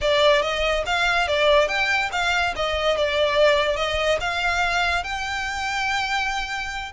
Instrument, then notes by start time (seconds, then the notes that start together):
violin
0.01 D5
0.42 D#5
0.85 F5
1.27 D5
1.68 G5
2.12 F5
2.56 D#5
2.97 D5
3.76 D#5
4.20 F5
5.03 G5